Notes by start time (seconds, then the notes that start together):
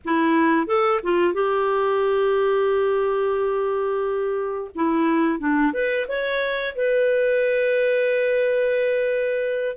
0.04 E4
0.66 A4
1.03 F4
1.33 G4
4.75 E4
5.39 D4
5.73 B4
6.07 C#5
6.75 B4